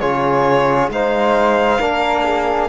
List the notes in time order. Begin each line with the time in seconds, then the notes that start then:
0.00 C#3 F4 G#4 C#5
0.89 G#3 D#4 C5 F5
1.79 A#3 D4 A#4
2.24 G#4